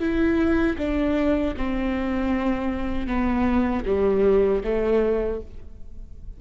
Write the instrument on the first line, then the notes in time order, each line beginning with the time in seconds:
viola
0.00 E4
0.78 D4
1.57 C4
3.07 B3
3.86 G3
4.64 A3